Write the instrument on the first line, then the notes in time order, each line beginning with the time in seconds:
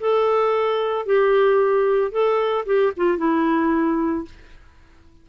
clarinet
0.00 A4
1.06 G4
2.11 A4
2.66 G4
2.97 F4
3.18 E4